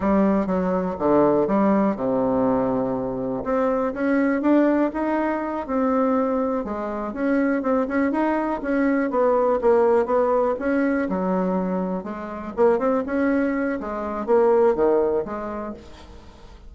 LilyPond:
\new Staff \with { instrumentName = "bassoon" } { \time 4/4 \tempo 4 = 122 g4 fis4 d4 g4 | c2. c'4 | cis'4 d'4 dis'4. c'8~ | c'4. gis4 cis'4 c'8 |
cis'8 dis'4 cis'4 b4 ais8~ | ais8 b4 cis'4 fis4.~ | fis8 gis4 ais8 c'8 cis'4. | gis4 ais4 dis4 gis4 | }